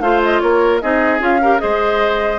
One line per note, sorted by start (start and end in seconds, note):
0.00 0.40 A3
0.00 0.82 F4
0.00 0.42 C5
0.00 0.21 F5
0.24 0.40 D#5
0.40 0.82 A#3
0.40 0.82 A#4
0.40 0.80 C#5
0.81 1.20 C4
0.81 1.19 D#4
0.81 1.41 G#4
0.81 1.21 D#5
1.19 1.60 C#4
1.19 1.39 F4
1.19 1.59 F5
1.41 1.59 G4
1.41 1.61 A#4
1.59 2.39 G#3
1.59 2.39 G#4
1.59 2.39 C5
1.59 2.39 D#5